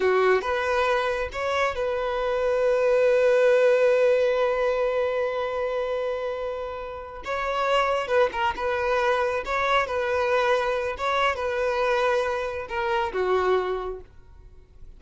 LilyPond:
\new Staff \with { instrumentName = "violin" } { \time 4/4 \tempo 4 = 137 fis'4 b'2 cis''4 | b'1~ | b'1~ | b'1~ |
b'8 cis''2 b'8 ais'8 b'8~ | b'4. cis''4 b'4.~ | b'4 cis''4 b'2~ | b'4 ais'4 fis'2 | }